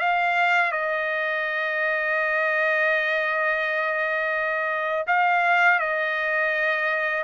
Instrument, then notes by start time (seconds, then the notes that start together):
trumpet
0.00 F5
0.72 D#5
5.07 F5
5.79 D#5